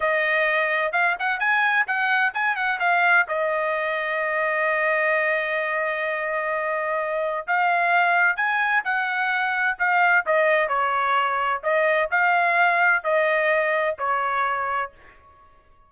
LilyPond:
\new Staff \with { instrumentName = "trumpet" } { \time 4/4 \tempo 4 = 129 dis''2 f''8 fis''8 gis''4 | fis''4 gis''8 fis''8 f''4 dis''4~ | dis''1~ | dis''1 |
f''2 gis''4 fis''4~ | fis''4 f''4 dis''4 cis''4~ | cis''4 dis''4 f''2 | dis''2 cis''2 | }